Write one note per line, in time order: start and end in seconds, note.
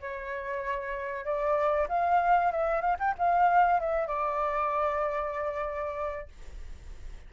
0.00 1.24 C#5
1.24 1.87 D5
1.88 2.51 F5
2.51 2.80 E5
2.80 2.96 F5
2.99 3.14 G5
3.18 3.80 F5
3.80 4.07 E5
4.07 6.28 D5